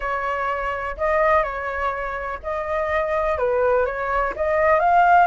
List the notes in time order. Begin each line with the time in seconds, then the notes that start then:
0.00 C#5
0.97 D#5
1.43 C#5
2.43 D#5
3.37 B4
3.85 C#5
4.35 D#5
4.79 F5